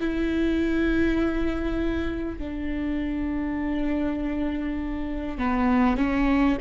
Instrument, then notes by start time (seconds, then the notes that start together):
viola
0.00 E4
2.38 D4
5.38 B3
5.97 C#4